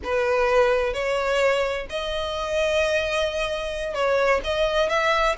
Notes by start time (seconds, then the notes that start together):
0.03 B4
0.93 C#5
1.89 D#5
3.94 C#5
4.43 D#5
4.89 E5